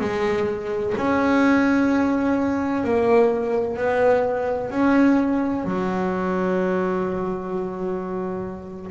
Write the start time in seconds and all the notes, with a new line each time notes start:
0.00 G#3
0.97 C#4
2.84 A#3
3.77 B3
4.71 C#4
5.65 F#3